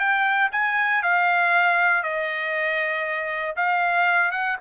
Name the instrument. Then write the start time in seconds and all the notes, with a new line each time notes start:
trumpet
0.00 G5
0.52 G#5
1.03 F5
2.03 D#5
3.56 F5
4.32 F#5